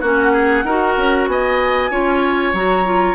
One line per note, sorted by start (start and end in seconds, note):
0.00 0.64 A#3
0.00 0.66 C#4
0.00 0.32 F#4
0.00 1.26 F#5
0.32 0.64 G#4
0.64 0.95 D#4
0.64 1.91 F#4
0.64 1.28 A#4
0.97 1.27 C#4
1.27 1.90 B3
1.27 1.90 D#5
1.27 2.53 G#5
1.90 2.53 C#4
1.90 2.54 F4
1.90 3.15 C#5
2.53 3.15 F#3
2.53 2.85 F#4
2.53 3.15 A#5
2.85 3.15 F4